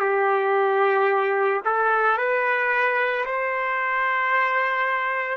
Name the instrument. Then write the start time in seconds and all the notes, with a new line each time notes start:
trumpet
0.00 G4
1.65 A4
2.17 B4
3.25 C5